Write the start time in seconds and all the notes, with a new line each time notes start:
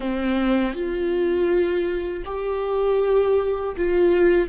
0.00 C4
0.73 F4
2.25 G4
3.77 F4